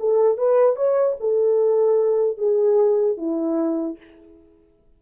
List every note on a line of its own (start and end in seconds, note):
0.00 0.38 A4
0.38 0.77 B4
0.77 1.17 C#5
1.20 2.38 A4
2.38 3.17 G#4
3.17 3.97 E4